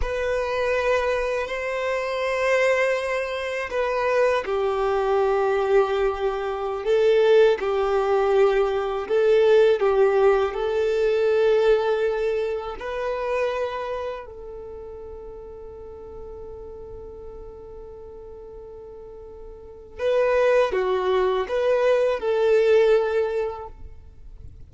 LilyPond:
\new Staff \with { instrumentName = "violin" } { \time 4/4 \tempo 4 = 81 b'2 c''2~ | c''4 b'4 g'2~ | g'4~ g'16 a'4 g'4.~ g'16~ | g'16 a'4 g'4 a'4.~ a'16~ |
a'4~ a'16 b'2 a'8.~ | a'1~ | a'2. b'4 | fis'4 b'4 a'2 | }